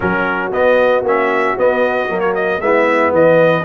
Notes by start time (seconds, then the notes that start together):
0.00 F#3 C#4 F#4 A#4
0.52 B3 D#5
1.02 A#3 C#4 E5
1.57 B3 D#5
2.08 F#3 A#3
2.20 C#5
2.34 D#5
2.60 G#3 B3 E4 E5
3.12 E3 B4 D#5